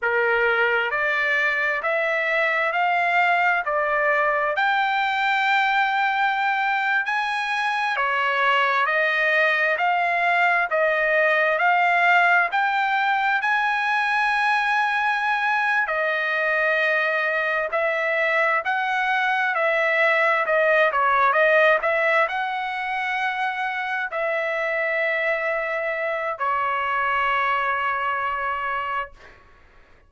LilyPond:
\new Staff \with { instrumentName = "trumpet" } { \time 4/4 \tempo 4 = 66 ais'4 d''4 e''4 f''4 | d''4 g''2~ g''8. gis''16~ | gis''8. cis''4 dis''4 f''4 dis''16~ | dis''8. f''4 g''4 gis''4~ gis''16~ |
gis''4. dis''2 e''8~ | e''8 fis''4 e''4 dis''8 cis''8 dis''8 | e''8 fis''2 e''4.~ | e''4 cis''2. | }